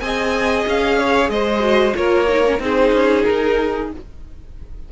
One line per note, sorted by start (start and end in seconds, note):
0.00 0.65 C4
0.00 1.60 G#4
0.00 0.99 D#5
0.00 0.65 G#5
0.67 1.29 C#4
0.67 1.30 F5
0.99 1.31 C#5
1.29 1.94 G#3
1.29 1.97 C5
1.29 1.94 D#5
1.60 1.92 F#4
1.95 2.59 A#3
1.95 2.27 F4
1.95 2.63 A#4
1.95 2.60 C#5
2.28 2.45 D#4
2.46 2.58 C#4
2.58 2.92 C4
2.58 3.87 D#4
2.58 3.92 G#4
2.58 3.24 C5
2.92 3.24 C#4
3.24 3.91 D#4
3.24 3.89 A#4